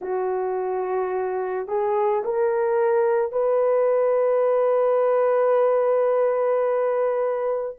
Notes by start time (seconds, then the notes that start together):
0.01 F#4
1.67 G#4
2.24 A#4
3.31 B4